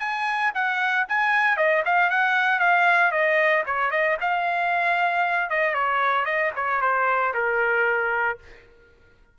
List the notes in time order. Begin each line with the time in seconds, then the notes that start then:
0.00 G#5
0.55 F#5
1.08 G#5
1.57 D#5
1.85 F5
2.10 F#5
2.60 F5
3.12 D#5
3.66 C#5
3.91 D#5
4.21 F5
5.50 D#5
5.74 C#5
6.26 D#5
6.56 C#5
6.82 C5
7.34 A#4